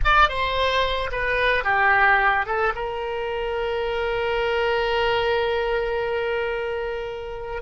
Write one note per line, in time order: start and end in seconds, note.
0.04 0.28 D5
0.28 1.10 C5
1.11 1.64 B4
1.64 2.45 G4
2.45 2.73 A4
2.75 7.62 A#4